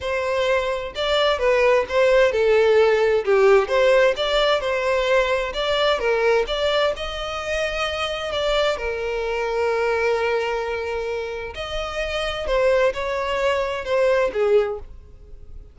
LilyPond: \new Staff \with { instrumentName = "violin" } { \time 4/4 \tempo 4 = 130 c''2 d''4 b'4 | c''4 a'2 g'4 | c''4 d''4 c''2 | d''4 ais'4 d''4 dis''4~ |
dis''2 d''4 ais'4~ | ais'1~ | ais'4 dis''2 c''4 | cis''2 c''4 gis'4 | }